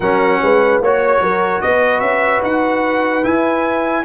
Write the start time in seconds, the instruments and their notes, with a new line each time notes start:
0.00 tuba F#3, trombone C#4, horn A#4, trumpet F#5
0.42 tuba G#3, horn B4
0.80 tuba A#3, trombone F#4, horn C#5, trumpet C#5
1.21 tuba F#3, horn A#4
1.61 tuba B3, horn B4, trumpet D#5
2.00 tuba C#4, trumpet E5
2.42 tuba D#4, trumpet F#5
3.23 trombone E4, tuba E4, trumpet G#5